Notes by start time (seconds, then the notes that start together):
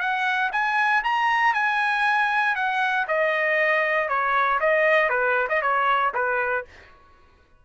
0.00 F#5
0.52 G#5
1.04 A#5
1.54 G#5
2.56 F#5
3.08 D#5
4.09 C#5
4.60 D#5
5.10 B4
5.49 D#5
5.62 C#5
6.14 B4